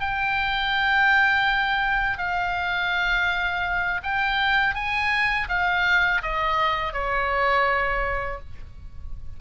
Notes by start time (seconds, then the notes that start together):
0.00 G5
2.18 F5
4.03 G5
4.75 G#5
5.48 F5
6.22 D#5
6.93 C#5